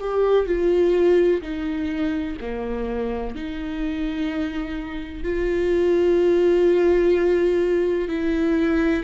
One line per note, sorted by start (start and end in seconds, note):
0.00 0.46 G4
0.46 1.42 F4
1.42 2.37 D#4
2.41 3.35 A#3
3.35 5.24 D#4
5.24 8.09 F4
8.09 9.04 E4